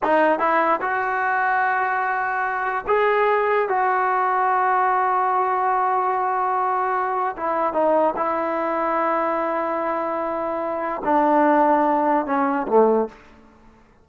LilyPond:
\new Staff \with { instrumentName = "trombone" } { \time 4/4 \tempo 4 = 147 dis'4 e'4 fis'2~ | fis'2. gis'4~ | gis'4 fis'2.~ | fis'1~ |
fis'2 e'4 dis'4 | e'1~ | e'2. d'4~ | d'2 cis'4 a4 | }